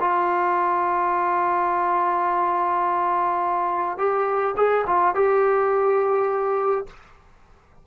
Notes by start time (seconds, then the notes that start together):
0.00 F4
3.98 G4
4.57 G#4
4.86 F4
5.15 G4